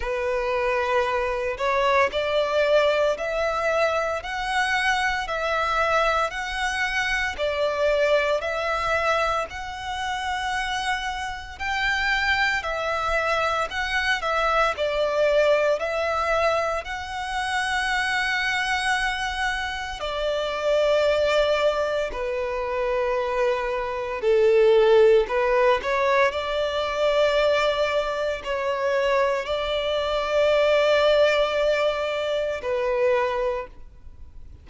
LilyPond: \new Staff \with { instrumentName = "violin" } { \time 4/4 \tempo 4 = 57 b'4. cis''8 d''4 e''4 | fis''4 e''4 fis''4 d''4 | e''4 fis''2 g''4 | e''4 fis''8 e''8 d''4 e''4 |
fis''2. d''4~ | d''4 b'2 a'4 | b'8 cis''8 d''2 cis''4 | d''2. b'4 | }